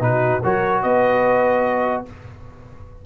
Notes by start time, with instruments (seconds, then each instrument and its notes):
0.00 tuba B2, trombone D#4, trumpet B4
0.06 horn F#4
0.43 tuba F#3, trombone F#4, horn A#4, trumpet C#5
0.83 tuba B3, horn B4, trumpet D#5